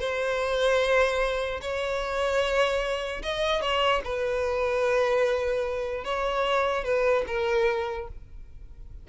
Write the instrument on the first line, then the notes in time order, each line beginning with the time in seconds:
violin
0.00 C5
1.62 C#5
3.23 D#5
3.61 C#5
4.05 B4
6.05 C#5
6.85 B4
7.27 A#4